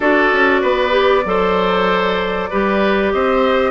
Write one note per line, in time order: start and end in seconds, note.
0.00 0.31 D4
0.00 0.90 F#4
0.00 0.61 A4
0.00 3.12 D5
0.32 0.62 C#4
0.61 1.24 B3
0.61 1.24 B4
0.90 1.21 G4
1.24 2.49 F#3
1.24 2.51 A4
1.24 2.50 C5
2.50 3.13 G3
2.50 3.71 G4
2.50 3.12 B4
3.12 3.71 C4
3.12 3.71 C5
3.12 3.71 D#5